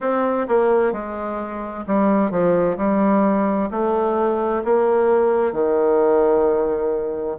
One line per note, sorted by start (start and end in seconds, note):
0.00 0.47 C4
0.48 0.92 A#3
0.92 1.85 G#3
1.86 2.30 G3
2.30 2.77 F3
2.77 3.69 G3
3.70 4.63 A3
4.64 5.52 A#3
5.52 7.37 D#3